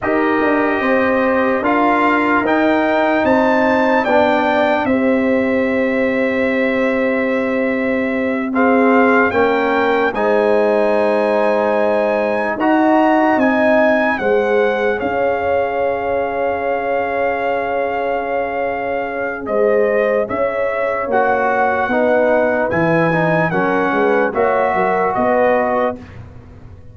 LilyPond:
<<
  \new Staff \with { instrumentName = "trumpet" } { \time 4/4 \tempo 4 = 74 dis''2 f''4 g''4 | a''4 g''4 e''2~ | e''2~ e''8 f''4 g''8~ | g''8 gis''2. ais''8~ |
ais''8 gis''4 fis''4 f''4.~ | f''1 | dis''4 e''4 fis''2 | gis''4 fis''4 e''4 dis''4 | }
  \new Staff \with { instrumentName = "horn" } { \time 4/4 ais'4 c''4 ais'2 | c''4 d''4 c''2~ | c''2~ c''8 gis'4 ais'8~ | ais'8 c''2. dis''8~ |
dis''4. c''4 cis''4.~ | cis''1 | c''4 cis''2 b'4~ | b'4 ais'8 b'8 cis''8 ais'8 b'4 | }
  \new Staff \with { instrumentName = "trombone" } { \time 4/4 g'2 f'4 dis'4~ | dis'4 d'4 g'2~ | g'2~ g'8 c'4 cis'8~ | cis'8 dis'2. fis'8~ |
fis'8 dis'4 gis'2~ gis'8~ | gis'1~ | gis'2 fis'4 dis'4 | e'8 dis'8 cis'4 fis'2 | }
  \new Staff \with { instrumentName = "tuba" } { \time 4/4 dis'8 d'8 c'4 d'4 dis'4 | c'4 b4 c'2~ | c'2.~ c'8 ais8~ | ais8 gis2. dis'8~ |
dis'8 c'4 gis4 cis'4.~ | cis'1 | gis4 cis'4 ais4 b4 | e4 fis8 gis8 ais8 fis8 b4 | }
>>